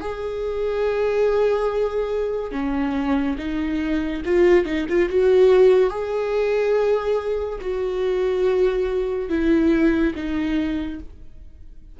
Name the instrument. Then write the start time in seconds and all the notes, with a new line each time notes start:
viola
0.00 G#4
2.51 C#4
3.38 D#4
4.25 F4
4.65 D#4
4.88 F4
5.09 F#4
5.90 G#4
7.61 F#4
9.29 E4
10.15 D#4